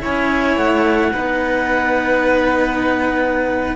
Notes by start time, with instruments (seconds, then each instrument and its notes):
0.00 cello C#4 E4, violin C#5, clarinet G#5
0.57 cello A3, clarinet F#5
1.12 cello B3 D#4, violin B4